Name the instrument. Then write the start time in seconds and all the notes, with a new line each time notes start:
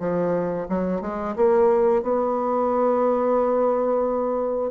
bassoon
0.00 F3
0.69 F#3
1.02 G#3
1.36 A#3
2.03 B3